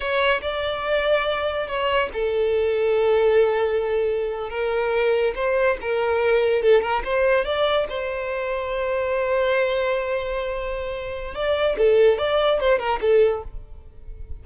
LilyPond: \new Staff \with { instrumentName = "violin" } { \time 4/4 \tempo 4 = 143 cis''4 d''2. | cis''4 a'2.~ | a'2~ a'8. ais'4~ ais'16~ | ais'8. c''4 ais'2 a'16~ |
a'16 ais'8 c''4 d''4 c''4~ c''16~ | c''1~ | c''2. d''4 | a'4 d''4 c''8 ais'8 a'4 | }